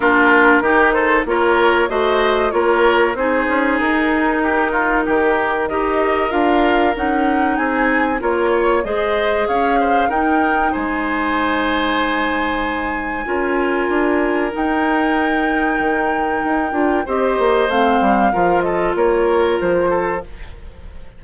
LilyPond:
<<
  \new Staff \with { instrumentName = "flute" } { \time 4/4 \tempo 4 = 95 ais'4. c''8 cis''4 dis''4 | cis''4 c''4 ais'2~ | ais'4 dis''4 f''4 fis''4 | gis''4 cis''4 dis''4 f''4 |
g''4 gis''2.~ | gis''2. g''4~ | g''2. dis''4 | f''4. dis''8 cis''4 c''4 | }
  \new Staff \with { instrumentName = "oboe" } { \time 4/4 f'4 g'8 a'8 ais'4 c''4 | ais'4 gis'2 g'8 f'8 | g'4 ais'2. | gis'4 ais'8 cis''8 c''4 cis''8 c''8 |
ais'4 c''2.~ | c''4 ais'2.~ | ais'2. c''4~ | c''4 ais'8 a'8 ais'4. a'8 | }
  \new Staff \with { instrumentName = "clarinet" } { \time 4/4 d'4 dis'4 f'4 fis'4 | f'4 dis'2.~ | dis'4 g'4 f'4 dis'4~ | dis'4 f'4 gis'2 |
dis'1~ | dis'4 f'2 dis'4~ | dis'2~ dis'8 f'8 g'4 | c'4 f'2. | }
  \new Staff \with { instrumentName = "bassoon" } { \time 4/4 ais4 dis4 ais4 a4 | ais4 c'8 cis'8 dis'2 | dis4 dis'4 d'4 cis'4 | c'4 ais4 gis4 cis'4 |
dis'4 gis2.~ | gis4 cis'4 d'4 dis'4~ | dis'4 dis4 dis'8 d'8 c'8 ais8 | a8 g8 f4 ais4 f4 | }
>>